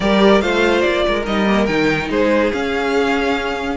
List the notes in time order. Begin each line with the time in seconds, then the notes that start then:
0.00 G3 G4 A#4 D5
0.41 A3 F4 C5 F5
0.81 A#3 D5
1.06 G#3 A#4
1.26 G3 D#4 D#5
1.46 A#3
1.66 D#3 D#4 G5
2.09 G#3 G#4 C5
2.52 C#4 F5